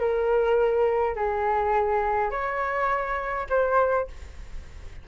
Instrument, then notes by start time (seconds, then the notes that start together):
flute
0.00 A#4
1.16 G#4
2.31 C#5
3.50 C5